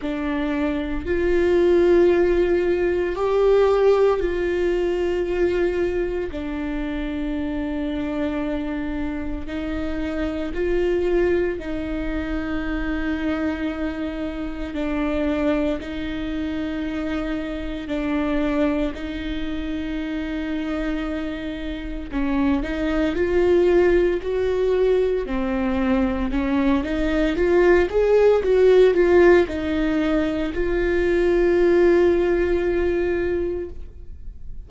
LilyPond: \new Staff \with { instrumentName = "viola" } { \time 4/4 \tempo 4 = 57 d'4 f'2 g'4 | f'2 d'2~ | d'4 dis'4 f'4 dis'4~ | dis'2 d'4 dis'4~ |
dis'4 d'4 dis'2~ | dis'4 cis'8 dis'8 f'4 fis'4 | c'4 cis'8 dis'8 f'8 gis'8 fis'8 f'8 | dis'4 f'2. | }